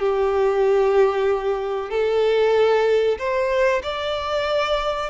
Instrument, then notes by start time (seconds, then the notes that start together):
violin
0.00 G4
1.91 A4
3.19 C5
3.83 D5